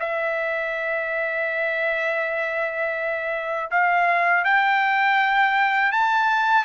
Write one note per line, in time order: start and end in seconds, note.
0.00 3.70 E5
3.71 4.45 F5
4.45 5.93 G5
5.93 6.65 A5